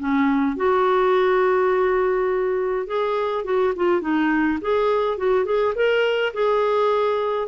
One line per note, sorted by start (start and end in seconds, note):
0.00 0.57 C#4
0.57 2.87 F#4
2.87 3.45 G#4
3.45 3.74 F#4
3.76 4.02 F4
4.02 4.59 D#4
4.62 5.18 G#4
5.18 5.45 F#4
5.45 5.74 G#4
5.76 6.33 A#4
6.34 7.48 G#4